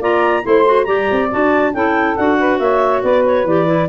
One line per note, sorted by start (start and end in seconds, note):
0.00 0.44 A#3
0.00 0.43 F4
0.00 0.43 D5
0.00 0.46 A#5
0.43 0.88 A3
0.43 0.65 E4
0.43 0.86 C5
0.43 0.85 C6
0.66 0.87 F#4
0.85 1.09 G3
0.85 1.30 G4
0.85 1.72 D5
0.85 1.28 A#5
1.12 1.33 C4
1.31 1.74 D4
1.31 1.74 F#4
1.31 1.74 A5
1.74 2.17 C#4
1.74 2.17 E4
1.74 2.39 A4
1.74 2.16 G5
2.16 2.60 D4
2.16 3.48 F#4
2.16 2.59 F#5
2.39 2.61 B4
2.59 3.03 A#3
2.59 3.03 C#5
2.59 3.03 E5
3.03 3.45 B3
3.03 3.89 B4
3.03 3.25 D5
3.26 3.47 C#5
3.45 3.88 E3
3.45 3.67 G4
3.45 3.89 D5
3.67 3.88 E4